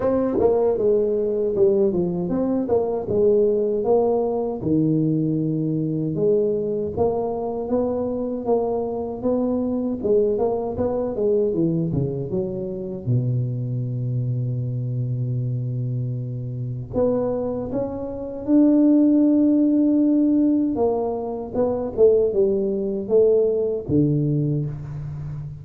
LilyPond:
\new Staff \with { instrumentName = "tuba" } { \time 4/4 \tempo 4 = 78 c'8 ais8 gis4 g8 f8 c'8 ais8 | gis4 ais4 dis2 | gis4 ais4 b4 ais4 | b4 gis8 ais8 b8 gis8 e8 cis8 |
fis4 b,2.~ | b,2 b4 cis'4 | d'2. ais4 | b8 a8 g4 a4 d4 | }